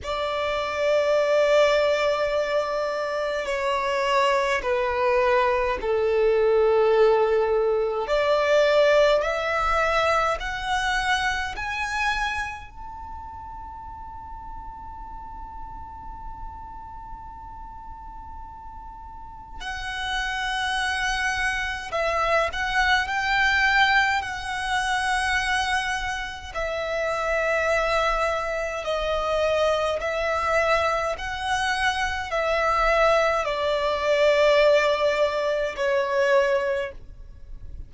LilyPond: \new Staff \with { instrumentName = "violin" } { \time 4/4 \tempo 4 = 52 d''2. cis''4 | b'4 a'2 d''4 | e''4 fis''4 gis''4 a''4~ | a''1~ |
a''4 fis''2 e''8 fis''8 | g''4 fis''2 e''4~ | e''4 dis''4 e''4 fis''4 | e''4 d''2 cis''4 | }